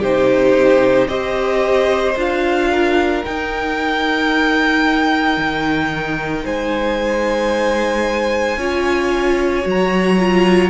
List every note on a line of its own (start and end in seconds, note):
0.00 1.08 C3
0.00 1.09 D#4
0.00 1.07 G4
0.00 1.08 C5
1.08 2.15 C4
1.08 2.16 G4
1.08 2.70 C5
1.08 2.15 D#5
2.16 3.23 D4
2.16 3.24 F4
2.16 3.25 F5
2.71 6.44 A#4
3.25 8.59 D#4
3.25 5.37 D#4
3.25 6.46 G5
5.37 6.45 D#3
6.44 8.57 G#3
6.44 8.58 C5
6.44 9.68 G#5
8.57 9.64 C#4
8.57 9.63 F4
8.57 10.71 C#5
9.63 10.71 F#3
9.63 10.17 F#4
9.70 10.71 A#5
10.19 10.71 F4